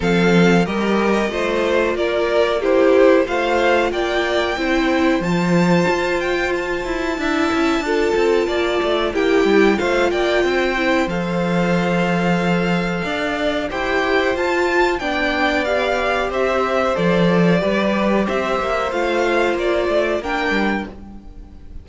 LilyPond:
<<
  \new Staff \with { instrumentName = "violin" } { \time 4/4 \tempo 4 = 92 f''4 dis''2 d''4 | c''4 f''4 g''2 | a''4. g''8 a''2~ | a''2 g''4 f''8 g''8~ |
g''4 f''2.~ | f''4 g''4 a''4 g''4 | f''4 e''4 d''2 | e''4 f''4 d''4 g''4 | }
  \new Staff \with { instrumentName = "violin" } { \time 4/4 a'4 ais'4 c''4 ais'4 | g'4 c''4 d''4 c''4~ | c''2. e''4 | a'4 d''4 g'4 c''8 d''8 |
c''1 | d''4 c''2 d''4~ | d''4 c''2 b'4 | c''2. ais'4 | }
  \new Staff \with { instrumentName = "viola" } { \time 4/4 c'4 g'4 f'2 | e'4 f'2 e'4 | f'2. e'4 | f'2 e'4 f'4~ |
f'8 e'8 a'2.~ | a'4 g'4 f'4 d'4 | g'2 a'4 g'4~ | g'4 f'2 d'4 | }
  \new Staff \with { instrumentName = "cello" } { \time 4/4 f4 g4 a4 ais4~ | ais4 a4 ais4 c'4 | f4 f'4. e'8 d'8 cis'8 | d'8 c'8 ais8 a8 ais8 g8 a8 ais8 |
c'4 f2. | d'4 e'4 f'4 b4~ | b4 c'4 f4 g4 | c'8 ais8 a4 ais8 a8 ais8 g8 | }
>>